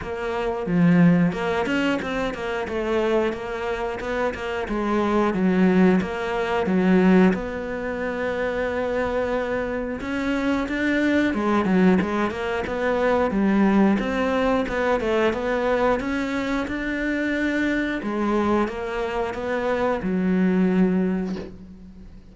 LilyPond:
\new Staff \with { instrumentName = "cello" } { \time 4/4 \tempo 4 = 90 ais4 f4 ais8 cis'8 c'8 ais8 | a4 ais4 b8 ais8 gis4 | fis4 ais4 fis4 b4~ | b2. cis'4 |
d'4 gis8 fis8 gis8 ais8 b4 | g4 c'4 b8 a8 b4 | cis'4 d'2 gis4 | ais4 b4 fis2 | }